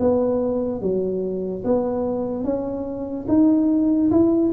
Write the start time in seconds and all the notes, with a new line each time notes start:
0.00 B3
0.82 F#3
1.64 B3
2.44 C#4
3.28 D#4
4.11 E4